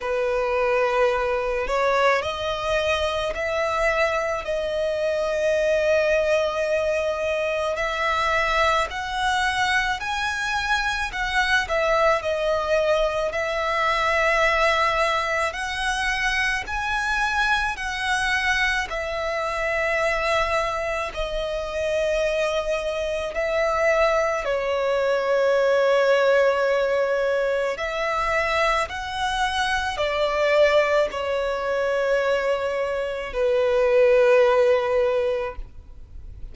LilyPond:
\new Staff \with { instrumentName = "violin" } { \time 4/4 \tempo 4 = 54 b'4. cis''8 dis''4 e''4 | dis''2. e''4 | fis''4 gis''4 fis''8 e''8 dis''4 | e''2 fis''4 gis''4 |
fis''4 e''2 dis''4~ | dis''4 e''4 cis''2~ | cis''4 e''4 fis''4 d''4 | cis''2 b'2 | }